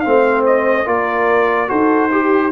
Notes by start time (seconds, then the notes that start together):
0.00 A3 C4 C5 F5
0.46 D#5
0.85 A#3 F4 A#4 D5
1.67 D#4 F#4 A4 C5
2.11 G4